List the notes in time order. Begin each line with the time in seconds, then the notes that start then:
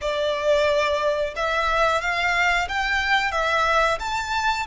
0.01 D5
1.35 E5
2.01 F5
2.68 G5
3.31 E5
3.99 A5